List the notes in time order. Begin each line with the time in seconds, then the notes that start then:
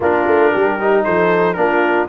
0.00 A#3 D4 F4 A#4
0.26 A3
0.52 G3 G4
0.79 D#4
1.03 F3 A4 C5
1.53 A#3 D4 F4 A#4